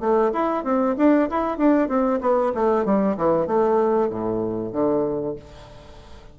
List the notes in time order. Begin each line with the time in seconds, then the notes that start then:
0.00 A3
0.33 E4
0.64 C4
0.97 D4
1.30 E4
1.58 D4
1.89 C4
2.21 B3
2.55 A3
2.86 G3
3.18 E3
3.47 A3
4.10 A2
4.73 D3